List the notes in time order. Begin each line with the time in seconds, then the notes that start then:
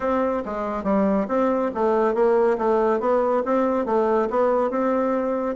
0.00 C4
0.45 G#3
0.83 G3
1.28 C4
1.74 A3
2.14 A#3
2.58 A3
3.00 B3
3.45 C4
3.85 A3
4.30 B3
4.70 C4